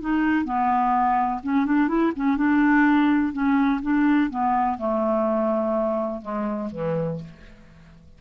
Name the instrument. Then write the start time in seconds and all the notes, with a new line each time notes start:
clarinet
0.00 D#4
0.45 B3
1.43 C#4
1.66 D4
1.88 E4
2.16 C#4
2.37 D4
3.33 C#4
3.82 D4
4.30 B3
4.78 A3
6.21 G#3
6.71 E3